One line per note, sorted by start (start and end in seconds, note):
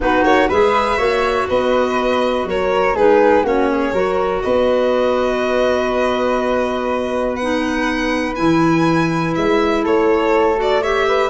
0.00 0.24 B3
0.00 0.49 D#4
0.00 0.48 F#4
0.00 0.24 B4
0.24 0.49 A#3
0.24 0.49 C#5
0.48 0.98 G#3
0.48 0.97 G#4
0.48 0.97 B4
0.48 1.48 E5
0.97 1.47 A#3
0.97 2.94 F#4
0.97 1.46 C#5
1.48 2.44 B3
1.48 2.47 B4
1.48 2.47 D#5
2.44 2.93 F#3
2.44 2.95 A#4
2.44 2.96 C#5
2.94 3.43 G#3
2.94 3.44 D#4
2.94 3.43 G#4
2.94 3.45 B4
3.43 3.92 A#3
3.43 3.93 C#4
3.43 3.68 F#4
3.43 4.42 C#5
3.71 3.93 G#4
3.93 4.42 F#3
3.93 7.39 F#4
3.93 4.42 A#4
4.42 8.38 B3
4.42 9.83 B4
4.42 7.35 D#5
7.35 8.35 D#4
7.35 8.34 F#5
8.35 9.36 E3
8.35 10.56 E4
8.35 9.34 G#5
9.35 9.85 G#3
9.35 9.84 E5
9.83 11.30 A3
9.83 10.81 A4
9.83 10.59 C#5
10.56 10.80 F#4
10.56 10.83 D5
10.81 11.30 G4
10.81 11.06 C#5
10.81 11.30 E5
11.07 11.30 B4